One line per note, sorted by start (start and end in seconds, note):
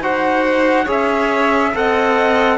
0.00 0.86 D#4
0.00 0.87 F#4
0.00 0.84 C5
0.00 0.89 F#5
0.84 1.74 C#4
0.84 1.72 G#4
0.84 1.70 C#5
0.84 1.75 E5
1.74 2.57 C4
1.74 2.57 A4
1.74 2.57 D#5
1.74 2.57 F#5